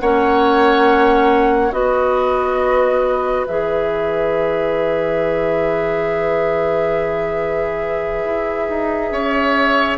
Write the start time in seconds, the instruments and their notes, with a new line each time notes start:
0.00 bassoon A#3, clarinet C#4, oboe C#5, flute F#5
1.72 bassoon B3, clarinet F#4, oboe B4, flute D#5
3.47 bassoon E3, clarinet G#4, flute E5
8.25 bassoon E4
8.69 bassoon D#4
9.11 bassoon C#4, oboe C#5